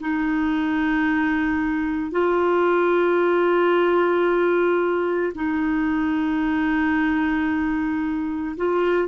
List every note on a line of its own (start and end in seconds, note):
0.00 2.11 D#4
2.11 5.33 F4
5.34 8.56 D#4
8.57 9.08 F4